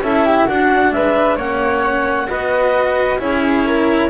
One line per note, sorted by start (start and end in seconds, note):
0.00 0.45 C#4
0.00 0.49 E4
0.00 0.26 A4
0.00 0.49 E5
0.26 0.46 G4
0.46 0.92 D4
0.46 1.40 D4
0.46 0.91 F#4
0.46 0.93 F#5
0.92 1.37 G#3
0.92 1.37 B4
0.92 1.38 E5
1.37 2.28 A#3
1.37 2.28 C#4
1.37 2.27 C#5
1.37 2.30 F#5
2.28 3.20 B3
2.28 3.19 F#4
2.28 3.20 B4
2.28 3.21 D#5
3.19 4.10 C#4
3.19 4.10 E4
3.19 3.66 G#4
3.19 4.10 C#5
3.66 4.10 A#4